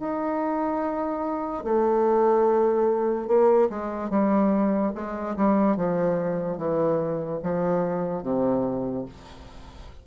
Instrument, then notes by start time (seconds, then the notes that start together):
bassoon
0.00 D#4
1.64 A3
3.28 A#3
3.70 G#3
4.10 G3
4.95 G#3
5.37 G3
5.76 F3
6.58 E3
7.43 F3
8.23 C3